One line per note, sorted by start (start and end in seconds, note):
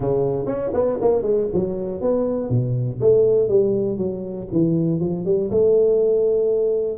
0.00 0.45 C#3
0.45 0.70 C#4
0.73 0.98 B3
1.00 1.22 A#3
1.22 1.47 G#3
1.53 2.01 F#3
2.01 2.49 B3
2.49 2.99 B2
3.00 3.48 A3
3.48 3.97 G3
3.97 4.47 F#3
4.51 5.00 E3
5.00 5.25 F3
5.25 5.50 G3
5.50 6.97 A3